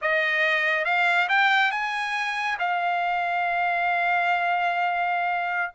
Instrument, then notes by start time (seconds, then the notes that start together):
trumpet
0.01 D#5
0.84 F5
1.28 G5
1.71 G#5
2.59 F5